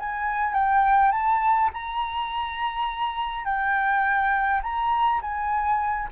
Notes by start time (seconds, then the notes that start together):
0.00 G#5
0.54 G5
1.12 A5
1.74 A#5
3.45 G5
4.63 A#5
5.22 G#5